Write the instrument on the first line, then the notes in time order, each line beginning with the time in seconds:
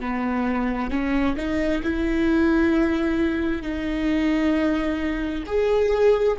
viola
0.00 B3
0.90 C#4
1.36 D#4
1.83 E4
3.62 D#4
5.46 G#4